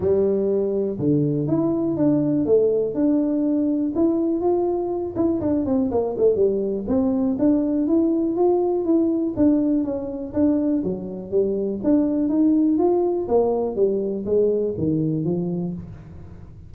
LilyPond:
\new Staff \with { instrumentName = "tuba" } { \time 4/4 \tempo 4 = 122 g2 d4 e'4 | d'4 a4 d'2 | e'4 f'4. e'8 d'8 c'8 | ais8 a8 g4 c'4 d'4 |
e'4 f'4 e'4 d'4 | cis'4 d'4 fis4 g4 | d'4 dis'4 f'4 ais4 | g4 gis4 dis4 f4 | }